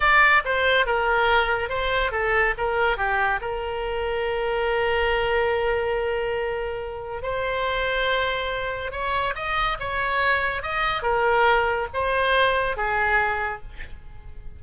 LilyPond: \new Staff \with { instrumentName = "oboe" } { \time 4/4 \tempo 4 = 141 d''4 c''4 ais'2 | c''4 a'4 ais'4 g'4 | ais'1~ | ais'1~ |
ais'4 c''2.~ | c''4 cis''4 dis''4 cis''4~ | cis''4 dis''4 ais'2 | c''2 gis'2 | }